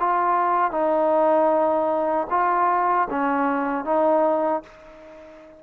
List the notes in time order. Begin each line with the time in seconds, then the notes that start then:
0.00 F4
0.72 D#4
2.31 F4
3.11 C#4
3.85 D#4